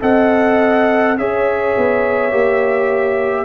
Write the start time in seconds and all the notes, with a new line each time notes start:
0.00 C4 A4 D#5 F#5
1.18 C#4 G#4 C#5 E5
1.77 B3
2.31 A#3 G4